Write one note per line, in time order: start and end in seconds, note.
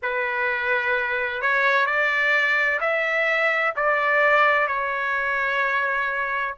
0.02 1.41 B4
1.41 1.85 C#5
1.85 2.79 D5
2.80 3.74 E5
3.75 4.67 D5
4.67 6.55 C#5